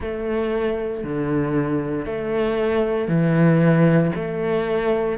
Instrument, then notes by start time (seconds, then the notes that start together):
cello
0.00 A3
1.03 D3
2.05 A3
3.08 E3
4.15 A3